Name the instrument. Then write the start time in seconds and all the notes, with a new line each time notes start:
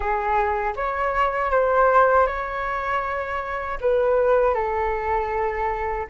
flute
0.00 G#4
0.76 C#5
1.50 C5
2.26 C#5
3.80 B4
4.54 A4